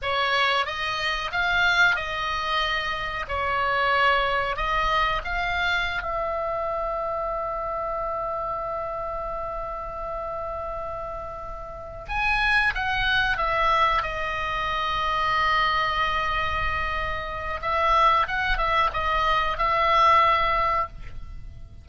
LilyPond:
\new Staff \with { instrumentName = "oboe" } { \time 4/4 \tempo 4 = 92 cis''4 dis''4 f''4 dis''4~ | dis''4 cis''2 dis''4 | f''4~ f''16 e''2~ e''8.~ | e''1~ |
e''2~ e''8 gis''4 fis''8~ | fis''8 e''4 dis''2~ dis''8~ | dis''2. e''4 | fis''8 e''8 dis''4 e''2 | }